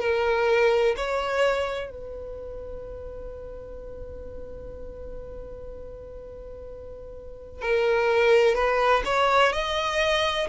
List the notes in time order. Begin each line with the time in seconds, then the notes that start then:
0.00 A#4
0.97 C#5
1.90 B4
7.62 A#4
8.55 B4
9.05 C#5
9.52 D#5